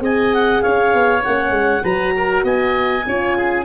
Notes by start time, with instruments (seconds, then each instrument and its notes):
0.00 tuba C4, horn G#4, oboe D#5, clarinet G#5
0.34 clarinet F#5
0.62 tuba C#4, oboe C#5, clarinet F5
0.94 tuba B3
1.22 tuba A#3, horn C#4, clarinet F#5
1.51 tuba G#3
1.81 tuba F#3, horn F#4, oboe B4, clarinet A#5
2.17 oboe A#4
2.44 tuba B3, oboe D#5, clarinet G#5
3.07 tuba C#4, horn F4, oboe C#5
3.37 oboe G#4